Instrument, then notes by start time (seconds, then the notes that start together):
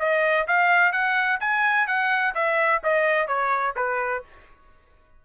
trumpet
0.00 D#5
0.48 F5
0.93 F#5
1.41 G#5
1.87 F#5
2.35 E5
2.84 D#5
3.28 C#5
3.77 B4